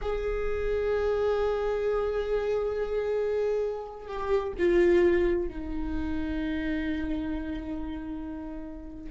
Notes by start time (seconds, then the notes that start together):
0.01 G#4
4.07 G4
4.59 F4
5.48 D#4